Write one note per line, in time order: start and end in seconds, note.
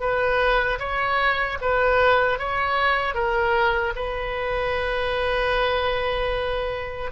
0.00 0.79 B4
0.79 1.58 C#5
1.61 2.39 B4
2.39 3.14 C#5
3.14 3.93 A#4
3.95 7.11 B4